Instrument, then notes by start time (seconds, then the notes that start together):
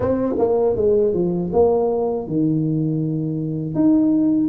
tuba
0.00 C4
0.38 A#3
0.76 G#3
1.13 F3
1.52 A#3
2.27 D#3
3.74 D#4